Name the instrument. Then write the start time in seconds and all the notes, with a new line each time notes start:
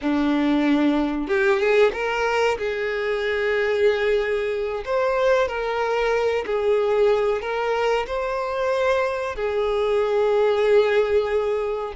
violin
0.01 D4
1.27 G4
1.59 G#4
1.93 A#4
2.58 G#4
4.85 C5
5.48 A#4
6.45 G#4
7.41 A#4
8.06 C5
9.35 G#4